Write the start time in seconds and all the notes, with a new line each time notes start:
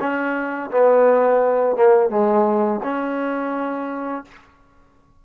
0.00 C#4
0.71 B3
1.76 A#3
2.10 G#3
2.84 C#4